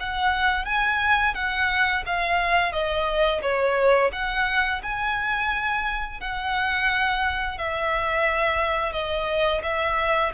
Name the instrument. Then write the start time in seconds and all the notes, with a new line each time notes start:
violin
0.00 F#5
0.65 G#5
1.34 F#5
2.06 F5
2.72 D#5
3.42 C#5
4.13 F#5
4.83 G#5
6.21 F#5
7.58 E5
8.93 D#5
9.63 E5